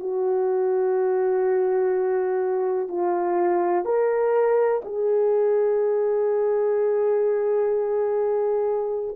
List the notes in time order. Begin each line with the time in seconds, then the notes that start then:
0.00 F#4
2.89 F4
3.86 A#4
4.85 G#4